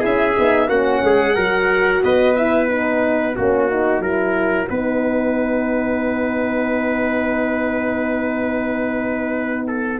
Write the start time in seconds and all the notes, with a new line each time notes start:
0.00 C#4 E4 G#4 E5
0.37 B3 D#4
0.68 A#3 C#4 F#4 F#5
1.03 G#3 G#4
1.36 F#3 F#4 A#4
2.04 B3 B4 D#5
2.37 E4 E5
2.69 D#4 F#5
3.36 A#3 C#4 F#4
3.70 D#4
4.00 F#3 E4 A#4
4.70 B3 D#4 B4
9.68 A4